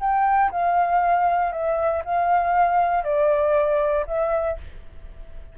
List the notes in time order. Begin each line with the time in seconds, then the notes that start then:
0.00 G5
0.51 F5
1.52 E5
2.05 F5
3.04 D5
4.07 E5